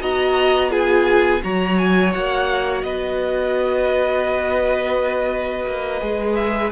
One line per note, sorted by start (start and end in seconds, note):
0.00 1.42 B3
0.00 0.70 F#4
0.00 0.70 D#5
0.00 0.71 A#5
0.70 1.40 F4
0.70 1.41 G#4
0.70 1.42 G#5
1.42 2.15 F#3
1.42 6.00 F#4
1.42 2.85 C#5
1.42 1.78 A#5
1.78 2.13 G#5
2.13 2.83 A#3
2.13 2.82 F#5
2.82 5.65 B3
2.82 6.71 B4
2.82 6.35 D#5
5.66 6.01 A#3
6.00 6.71 G#3
6.00 6.71 G#4
6.35 6.70 E5